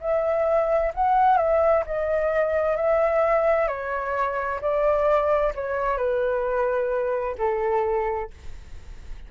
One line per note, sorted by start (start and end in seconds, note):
0.00 0.92 E5
0.94 1.37 F#5
1.37 1.83 E5
1.85 2.76 D#5
2.76 3.68 E5
3.68 4.60 C#5
4.61 5.53 D5
5.55 5.97 C#5
5.97 7.35 B4
7.38 8.30 A4